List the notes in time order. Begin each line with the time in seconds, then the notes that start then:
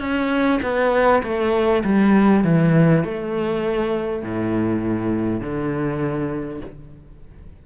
0.00 C#4
0.63 B3
1.23 A3
1.84 G3
2.44 E3
3.04 A3
4.23 A2
5.41 D3